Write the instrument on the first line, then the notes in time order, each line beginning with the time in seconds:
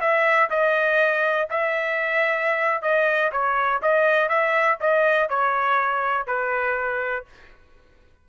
trumpet
0.00 E5
0.50 D#5
1.50 E5
2.82 D#5
3.32 C#5
3.82 D#5
4.29 E5
4.80 D#5
5.29 C#5
6.26 B4